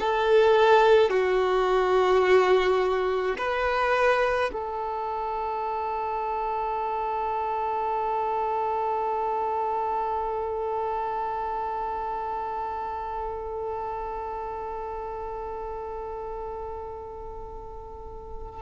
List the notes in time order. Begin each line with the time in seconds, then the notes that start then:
0.00 A4
1.10 F#4
3.38 B4
4.53 A4